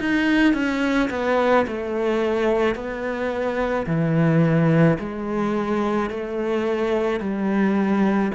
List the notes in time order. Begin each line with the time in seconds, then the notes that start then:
0.00 D#4
0.54 C#4
1.10 B3
1.68 A3
2.75 B3
3.87 E3
4.99 G#3
6.10 A3
7.21 G3